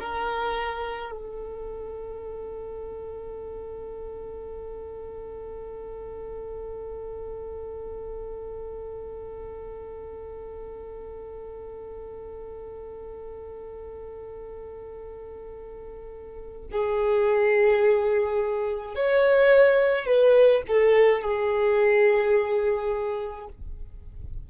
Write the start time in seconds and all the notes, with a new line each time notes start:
0.00 A#4
1.12 A4
16.72 G#4
18.96 C#5
20.06 B4
20.68 A4
21.22 G#4